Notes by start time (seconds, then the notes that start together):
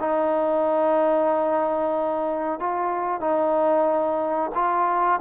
0.00 D#4
2.59 F4
3.20 D#4
4.55 F4